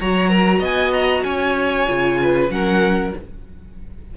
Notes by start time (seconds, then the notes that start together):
0.00 F#3 F#4 C#5 A#5
0.30 A#4
0.59 B3 D#5 G#5
0.92 A#5
1.23 C#4 C#5 G#5
1.87 C#3 F4
2.22 B4
2.50 F#3 C#4 A#4 F#5